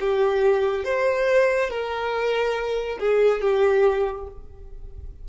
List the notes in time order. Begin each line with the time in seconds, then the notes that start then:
0.00 G4
0.84 C5
1.70 A#4
3.00 G#4
3.41 G4